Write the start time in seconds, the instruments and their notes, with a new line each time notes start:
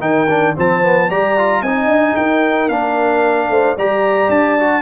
0.00 tuba D#3, trombone D#4, horn A#4, trumpet G5
0.29 trombone D4
0.56 tuba F3, trombone C4, horn C5, trumpet A5
0.82 trombone B3
1.07 tuba G3, trombone G4, horn D5, trumpet A#5
1.38 trombone F4
1.61 tuba C4, trombone D#4, horn D#5, trumpet G#5
1.86 tuba D4
2.16 tuba D#4, horn A#4, trumpet G5
2.69 tuba A#3, trombone D4, trumpet F5
3.49 tuba A3, horn C5
3.76 tuba G3, trombone G4, horn D5, trumpet A#5
4.29 tuba D4, trumpet A5
4.59 trombone F#4